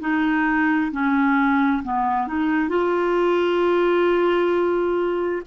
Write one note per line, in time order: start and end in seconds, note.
0.00 0.91 D#4
0.91 1.82 C#4
1.83 2.27 B3
2.27 2.69 D#4
2.69 5.42 F4